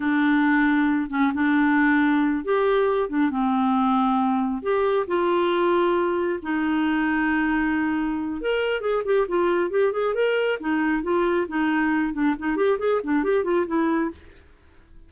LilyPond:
\new Staff \with { instrumentName = "clarinet" } { \time 4/4 \tempo 4 = 136 d'2~ d'8 cis'8 d'4~ | d'4. g'4. d'8 c'8~ | c'2~ c'8 g'4 f'8~ | f'2~ f'8 dis'4.~ |
dis'2. ais'4 | gis'8 g'8 f'4 g'8 gis'8 ais'4 | dis'4 f'4 dis'4. d'8 | dis'8 g'8 gis'8 d'8 g'8 f'8 e'4 | }